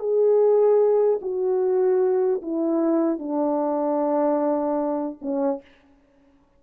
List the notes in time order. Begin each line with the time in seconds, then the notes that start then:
0.00 G#4
1.22 F#4
2.42 E4
3.19 D4
5.22 C#4